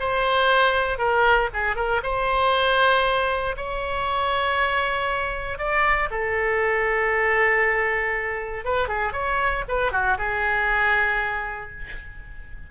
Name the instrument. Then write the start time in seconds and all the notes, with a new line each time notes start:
oboe
0.00 C5
0.99 A#4
1.53 G#4
1.76 A#4
2.03 C5
3.57 C#5
5.58 D5
6.11 A4
8.65 B4
8.88 G#4
9.13 C#5
9.68 B4
9.92 F#4
10.18 G#4